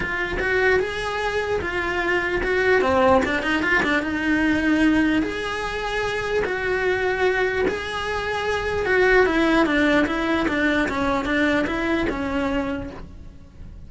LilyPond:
\new Staff \with { instrumentName = "cello" } { \time 4/4 \tempo 4 = 149 f'4 fis'4 gis'2 | f'2 fis'4 c'4 | d'8 dis'8 f'8 d'8 dis'2~ | dis'4 gis'2. |
fis'2. gis'4~ | gis'2 fis'4 e'4 | d'4 e'4 d'4 cis'4 | d'4 e'4 cis'2 | }